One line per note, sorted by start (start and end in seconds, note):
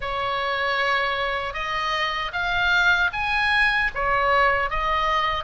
0.00 1.53 C#5
1.53 2.31 D#5
2.32 3.10 F5
3.12 3.90 G#5
3.95 4.70 C#5
4.70 5.44 D#5